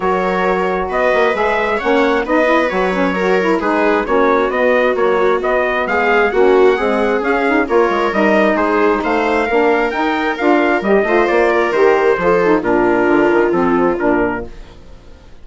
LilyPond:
<<
  \new Staff \with { instrumentName = "trumpet" } { \time 4/4 \tempo 4 = 133 cis''2 dis''4 e''4 | fis''4 dis''4 cis''2 | b'4 cis''4 dis''4 cis''4 | dis''4 f''4 fis''2 |
f''4 cis''4 dis''4 c''4 | f''2 g''4 f''4 | dis''4 d''4 c''2 | ais'2 a'4 ais'4 | }
  \new Staff \with { instrumentName = "viola" } { \time 4/4 ais'2 b'2 | cis''4 b'2 ais'4 | gis'4 fis'2.~ | fis'4 gis'4 fis'4 gis'4~ |
gis'4 ais'2 gis'4 | c''4 ais'2.~ | ais'8 c''4 ais'4. a'4 | f'1 | }
  \new Staff \with { instrumentName = "saxophone" } { \time 4/4 fis'2. gis'4 | cis'4 dis'8 e'8 fis'8 cis'8 fis'8 e'8 | dis'4 cis'4 b4 fis4 | b2 cis'4 gis4 |
cis'8 dis'8 f'4 dis'2~ | dis'4 d'4 dis'4 f'4 | g'8 f'4. g'4 f'8 dis'8 | d'2 c'4 d'4 | }
  \new Staff \with { instrumentName = "bassoon" } { \time 4/4 fis2 b8 ais8 gis4 | ais4 b4 fis2 | gis4 ais4 b4 ais4 | b4 gis4 ais4 c'4 |
cis'4 ais8 gis8 g4 gis4 | a4 ais4 dis'4 d'4 | g8 a8 ais4 dis4 f4 | ais,4 d8 dis8 f4 ais,4 | }
>>